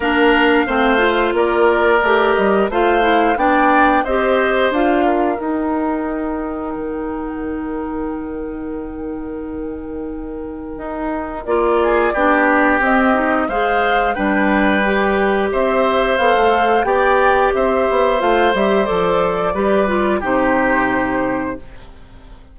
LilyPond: <<
  \new Staff \with { instrumentName = "flute" } { \time 4/4 \tempo 4 = 89 f''2 d''4. dis''8 | f''4 g''4 dis''4 f''4 | g''1~ | g''1~ |
g''4 d''2 dis''4 | f''4 g''2 e''4 | f''4 g''4 e''4 f''8 e''8 | d''2 c''2 | }
  \new Staff \with { instrumentName = "oboe" } { \time 4/4 ais'4 c''4 ais'2 | c''4 d''4 c''4. ais'8~ | ais'1~ | ais'1~ |
ais'4. gis'8 g'2 | c''4 b'2 c''4~ | c''4 d''4 c''2~ | c''4 b'4 g'2 | }
  \new Staff \with { instrumentName = "clarinet" } { \time 4/4 d'4 c'8 f'4. g'4 | f'8 e'8 d'4 g'4 f'4 | dis'1~ | dis'1~ |
dis'4 f'4 d'4 c'8 dis'8 | gis'4 d'4 g'2 | a'4 g'2 f'8 g'8 | a'4 g'8 f'8 dis'2 | }
  \new Staff \with { instrumentName = "bassoon" } { \time 4/4 ais4 a4 ais4 a8 g8 | a4 b4 c'4 d'4 | dis'2 dis2~ | dis1 |
dis'4 ais4 b4 c'4 | gis4 g2 c'4 | b16 a8. b4 c'8 b8 a8 g8 | f4 g4 c2 | }
>>